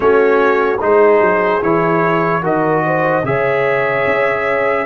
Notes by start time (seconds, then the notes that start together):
0.00 A3 C#4 F#4 C#5
0.81 G#3 D#4 G#4 C5
1.20 F#3
1.62 E3 E4 C#5
2.42 D#3 F#4 A#4 D#5
2.85 C5
3.23 C#3 G#4 C#5 E5
4.06 C#4